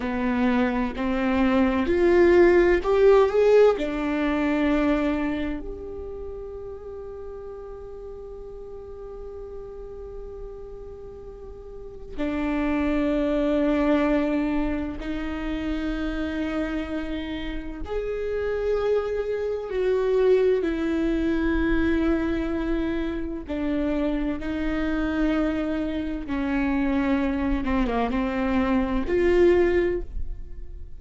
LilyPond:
\new Staff \with { instrumentName = "viola" } { \time 4/4 \tempo 4 = 64 b4 c'4 f'4 g'8 gis'8 | d'2 g'2~ | g'1~ | g'4 d'2. |
dis'2. gis'4~ | gis'4 fis'4 e'2~ | e'4 d'4 dis'2 | cis'4. c'16 ais16 c'4 f'4 | }